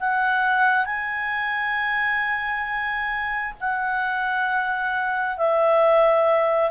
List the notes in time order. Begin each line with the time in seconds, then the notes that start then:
0.00 F#5
0.85 G#5
3.60 F#5
5.37 E5